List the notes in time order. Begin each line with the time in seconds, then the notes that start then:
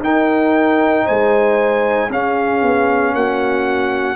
0.00 D#4 A#4 G5
1.05 G#3 C5 G#5
2.10 C#4 G#4 F5
2.62 B3
3.14 A#3 F#4 F#5